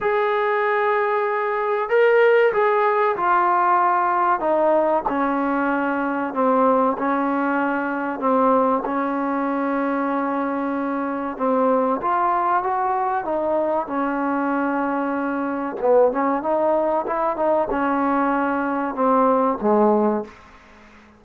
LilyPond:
\new Staff \with { instrumentName = "trombone" } { \time 4/4 \tempo 4 = 95 gis'2. ais'4 | gis'4 f'2 dis'4 | cis'2 c'4 cis'4~ | cis'4 c'4 cis'2~ |
cis'2 c'4 f'4 | fis'4 dis'4 cis'2~ | cis'4 b8 cis'8 dis'4 e'8 dis'8 | cis'2 c'4 gis4 | }